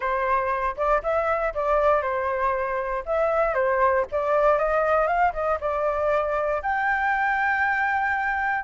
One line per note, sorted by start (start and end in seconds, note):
0.00 0.75 C5
0.76 1.02 D5
1.02 1.53 E5
1.54 2.02 D5
2.02 3.03 C5
3.05 3.54 E5
3.54 4.05 C5
4.11 4.58 D5
4.58 5.07 D#5
5.07 5.32 F5
5.33 5.58 D#5
5.60 6.62 D5
6.62 8.64 G5